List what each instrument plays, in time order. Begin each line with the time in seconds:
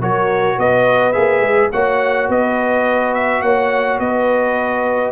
0.00 tuba F#3, trombone F#4, horn A#4, trumpet C#5
0.58 tuba B3, horn B4, trumpet D#5
1.12 tuba A#3, trombone G#4, trumpet E5
1.40 tuba G#3
1.72 tuba A#3, trombone F#4, horn C#5, trumpet F#5
2.29 tuba B3, horn B4, trumpet D#5
3.14 trumpet E5
3.42 tuba A#3, horn C#5, trumpet F#5
4.00 tuba B3, horn B4, trumpet D#5